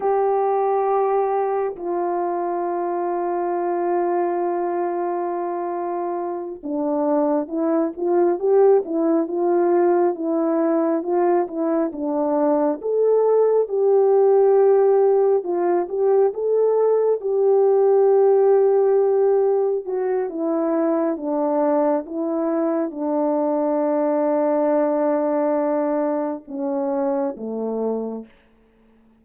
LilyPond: \new Staff \with { instrumentName = "horn" } { \time 4/4 \tempo 4 = 68 g'2 f'2~ | f'2.~ f'8 d'8~ | d'8 e'8 f'8 g'8 e'8 f'4 e'8~ | e'8 f'8 e'8 d'4 a'4 g'8~ |
g'4. f'8 g'8 a'4 g'8~ | g'2~ g'8 fis'8 e'4 | d'4 e'4 d'2~ | d'2 cis'4 a4 | }